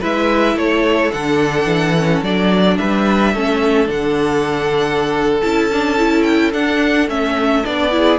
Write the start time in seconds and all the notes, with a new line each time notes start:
0.00 G#3 E4 B4 E5
0.55 A3 A4 C#5
1.12 D3 D4 F#5
1.65 E3
1.97 C#4
2.23 F#3 D4 D5
2.77 G3 B4 E5
3.34 A3 C#4 A4
3.86 D3 D4 F#5
5.41 C#4 E4 A5
5.72 D4
5.97 E4
6.23 G5
6.53 D4 F#5
7.08 A3 C#4 E5
7.64 B3 D4 D5
7.91 E4 G#4